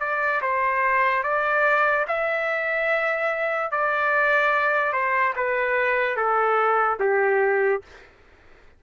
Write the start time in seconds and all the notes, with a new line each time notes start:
0.00 D5
0.41 C5
1.23 D5
2.07 E5
3.71 D5
4.92 C5
5.36 B4
6.16 A4
6.99 G4